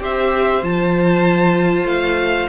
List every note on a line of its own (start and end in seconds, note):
0.00 0.62 C4
0.00 0.62 G4
0.00 2.49 C5
0.00 0.64 E5
0.63 1.85 F3
0.63 2.49 F4
0.63 1.87 A5
1.85 2.47 A3
1.85 2.49 F5